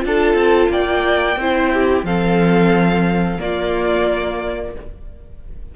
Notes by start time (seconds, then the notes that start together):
0.00 D4 F4
0.07 A4 A5
0.35 C4
0.70 A#3 D5 G5
1.37 C4 E4 C5
1.73 G4
2.04 F3 C4 A4 F5
3.38 A#3 F4 D5